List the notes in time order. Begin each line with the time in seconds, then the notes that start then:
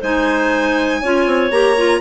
0.00 G#3 D#4 C5 G#5
1.01 C#4 F4 C#5
1.26 C4
1.50 A#3 G4 A#5
1.77 F4